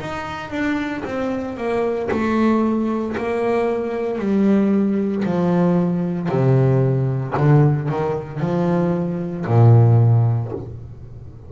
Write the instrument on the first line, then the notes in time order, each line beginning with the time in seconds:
double bass
0.00 D#4
0.51 D4
1.05 C4
1.57 A#3
2.11 A3
3.17 A#3
4.19 G3
5.25 F3
6.29 C3
7.37 D3
7.89 D#3
8.41 F3
9.47 A#2